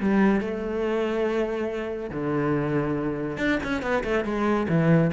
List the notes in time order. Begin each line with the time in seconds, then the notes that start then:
0.00 G3
0.41 A3
2.10 D3
3.37 D4
3.63 C#4
3.82 B3
4.03 A3
4.24 G#3
4.68 E3